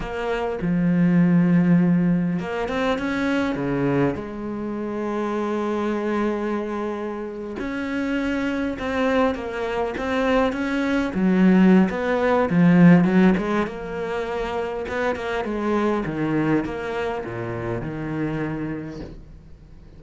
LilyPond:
\new Staff \with { instrumentName = "cello" } { \time 4/4 \tempo 4 = 101 ais4 f2. | ais8 c'8 cis'4 cis4 gis4~ | gis1~ | gis8. cis'2 c'4 ais16~ |
ais8. c'4 cis'4 fis4~ fis16 | b4 f4 fis8 gis8 ais4~ | ais4 b8 ais8 gis4 dis4 | ais4 ais,4 dis2 | }